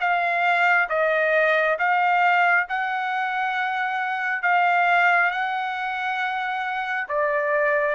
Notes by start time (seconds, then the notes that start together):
0.00 F5
0.89 D#5
1.79 F5
2.69 F#5
4.43 F5
5.31 F#5
7.08 D5